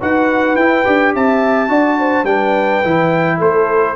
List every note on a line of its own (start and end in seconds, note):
0.00 0.55 D#4
0.00 0.57 F#4
0.00 1.13 B4
0.00 0.56 F#5
0.55 0.83 E4
0.55 0.85 E4
0.55 1.12 G5
0.85 1.14 D4
0.85 1.68 G4
1.14 1.68 C4
1.14 1.70 E5
1.14 2.25 A5
1.68 2.23 D4
1.68 2.25 F#4
1.68 1.98 D5
1.98 2.27 C5
2.23 2.80 G3
2.23 2.83 D4
2.23 3.37 B4
2.23 3.38 G5
2.84 3.40 E3
2.84 3.95 E4
3.37 3.95 A3
3.37 3.94 A4
3.37 3.95 C5